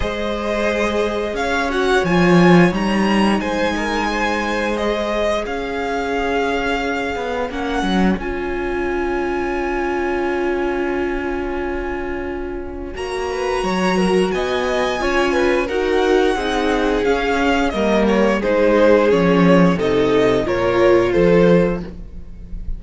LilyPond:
<<
  \new Staff \with { instrumentName = "violin" } { \time 4/4 \tempo 4 = 88 dis''2 f''8 fis''8 gis''4 | ais''4 gis''2 dis''4 | f''2. fis''4 | gis''1~ |
gis''2. ais''4~ | ais''4 gis''2 fis''4~ | fis''4 f''4 dis''8 cis''8 c''4 | cis''4 dis''4 cis''4 c''4 | }
  \new Staff \with { instrumentName = "violin" } { \time 4/4 c''2 cis''2~ | cis''4 c''8 ais'8 c''2 | cis''1~ | cis''1~ |
cis''2.~ cis''8 b'8 | cis''8 ais'8 dis''4 cis''8 b'8 ais'4 | gis'2 ais'4 gis'4~ | gis'4 a'4 ais'4 a'4 | }
  \new Staff \with { instrumentName = "viola" } { \time 4/4 gis'2~ gis'8 fis'8 f'4 | dis'2. gis'4~ | gis'2. cis'4 | f'1~ |
f'2. fis'4~ | fis'2 f'4 fis'4 | dis'4 cis'4 ais4 dis'4 | cis'4 dis'4 f'2 | }
  \new Staff \with { instrumentName = "cello" } { \time 4/4 gis2 cis'4 f4 | g4 gis2. | cis'2~ cis'8 b8 ais8 fis8 | cis'1~ |
cis'2. ais4 | fis4 b4 cis'4 dis'4 | c'4 cis'4 g4 gis4 | f4 c4 ais,4 f4 | }
>>